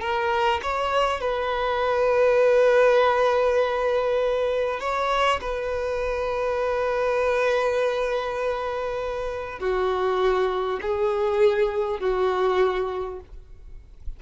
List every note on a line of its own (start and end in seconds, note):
0.00 0.60 A#4
0.62 1.20 C#5
1.20 4.80 B4
4.80 5.40 C#5
5.41 9.59 B4
9.59 10.79 F#4
10.81 12.00 G#4
12.00 13.20 F#4